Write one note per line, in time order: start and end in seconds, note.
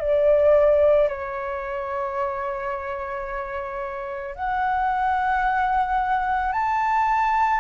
0.00 1.09 D5
1.09 4.35 C#5
4.35 6.53 F#5
6.53 7.60 A5